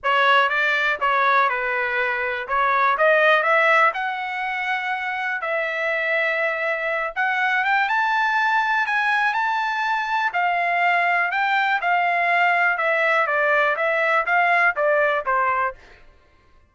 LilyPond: \new Staff \with { instrumentName = "trumpet" } { \time 4/4 \tempo 4 = 122 cis''4 d''4 cis''4 b'4~ | b'4 cis''4 dis''4 e''4 | fis''2. e''4~ | e''2~ e''8 fis''4 g''8 |
a''2 gis''4 a''4~ | a''4 f''2 g''4 | f''2 e''4 d''4 | e''4 f''4 d''4 c''4 | }